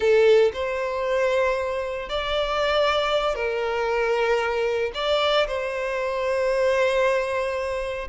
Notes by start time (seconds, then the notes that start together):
0.00 A4
0.53 C5
2.09 D5
3.35 A#4
4.94 D5
5.47 C5